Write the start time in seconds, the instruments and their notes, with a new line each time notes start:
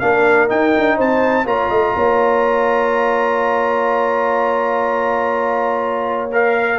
0.00 tuba A#3, trombone D4, horn A#4, trumpet F5
0.49 trombone D#4, tuba D#4, trumpet G5
0.77 tuba D4
0.97 tuba C4, horn C5, trumpet A5
1.46 tuba A#3, trombone F4, horn C#5, trumpet A#5
1.71 tuba A3, horn D#5
1.96 tuba A#3, horn C#5
6.33 trombone A#4, trumpet F5